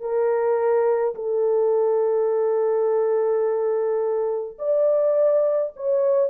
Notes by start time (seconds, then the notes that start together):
0.00 A#4
1.15 A4
4.58 D5
5.76 C#5